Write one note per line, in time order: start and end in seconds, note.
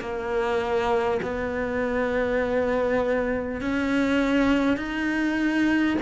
0.00 1.20 A#3
1.22 3.61 B3
3.61 4.77 C#4
4.77 5.97 D#4